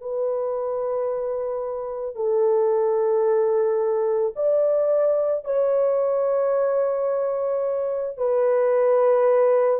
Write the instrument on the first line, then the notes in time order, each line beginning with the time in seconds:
horn
0.00 B4
2.15 A4
4.35 D5
5.44 C#5
8.17 B4